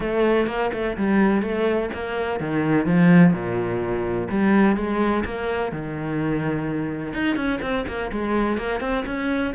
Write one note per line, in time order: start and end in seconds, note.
0.00 0.46 A3
0.46 0.70 A#3
0.73 0.97 A3
0.97 1.42 G3
1.42 1.89 A3
1.93 2.40 A#3
2.40 2.86 D#3
2.86 3.33 F3
3.33 4.28 A#2
4.29 4.76 G3
4.76 5.24 G#3
5.24 5.72 A#3
5.72 7.13 D#3
7.13 7.35 D#4
7.35 7.59 C#4
7.61 7.85 C4
7.87 8.11 A#3
8.11 8.57 G#3
8.57 8.80 A#3
8.80 9.04 C4
9.06 9.53 C#4